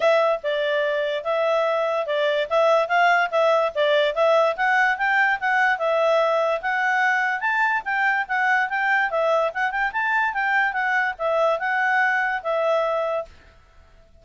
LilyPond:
\new Staff \with { instrumentName = "clarinet" } { \time 4/4 \tempo 4 = 145 e''4 d''2 e''4~ | e''4 d''4 e''4 f''4 | e''4 d''4 e''4 fis''4 | g''4 fis''4 e''2 |
fis''2 a''4 g''4 | fis''4 g''4 e''4 fis''8 g''8 | a''4 g''4 fis''4 e''4 | fis''2 e''2 | }